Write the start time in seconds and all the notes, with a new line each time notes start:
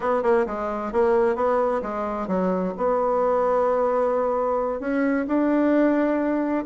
0.00 B3
0.22 A#3
0.46 G#3
0.92 A#3
1.35 B3
1.82 G#3
2.27 F#3
2.77 B3
4.80 C#4
5.27 D4